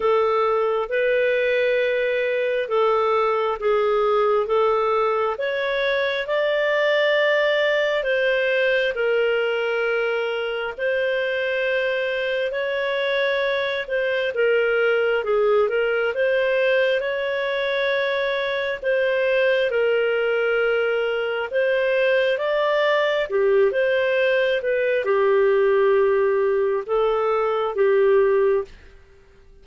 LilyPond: \new Staff \with { instrumentName = "clarinet" } { \time 4/4 \tempo 4 = 67 a'4 b'2 a'4 | gis'4 a'4 cis''4 d''4~ | d''4 c''4 ais'2 | c''2 cis''4. c''8 |
ais'4 gis'8 ais'8 c''4 cis''4~ | cis''4 c''4 ais'2 | c''4 d''4 g'8 c''4 b'8 | g'2 a'4 g'4 | }